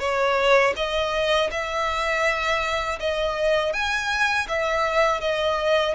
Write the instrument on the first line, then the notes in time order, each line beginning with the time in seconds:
violin
0.00 C#5
0.76 D#5
1.51 E5
3.00 D#5
3.73 G#5
4.48 E5
5.21 D#5